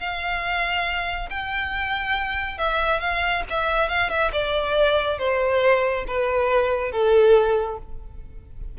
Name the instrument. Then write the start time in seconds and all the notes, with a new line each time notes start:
violin
0.00 F5
1.30 G5
2.58 E5
3.00 F5
3.50 E5
3.89 F5
4.10 E5
4.33 D5
5.19 C5
6.07 B4
6.92 A4